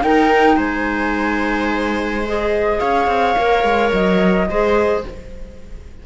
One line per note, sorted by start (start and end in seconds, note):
0.00 2.22 D#4
0.00 0.57 D#4
0.00 0.56 A#4
0.00 0.58 G5
0.56 2.79 G#3
0.56 2.78 C5
0.56 2.25 G#5
2.26 3.37 G#4
2.26 2.79 D#5
2.79 3.07 C#4
2.79 4.46 C#5
2.79 3.91 F5
3.07 3.34 C4
3.37 3.63 A#3
3.37 4.48 A#4
3.63 3.91 G#3
3.92 4.48 F#3
3.92 5.03 D#5
4.48 5.04 G#3
4.48 5.04 G#4
4.48 5.05 C5